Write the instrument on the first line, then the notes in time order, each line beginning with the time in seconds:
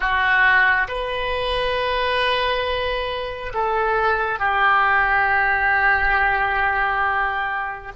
oboe
0.00 F#4
0.88 B4
3.53 A4
4.39 G4